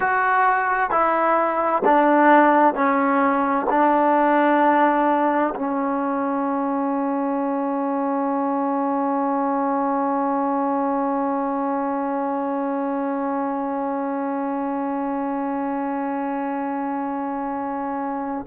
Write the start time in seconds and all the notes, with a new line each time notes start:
0.00 F#4
0.90 E4
1.85 D4
2.74 C#4
3.69 D4
5.55 C#4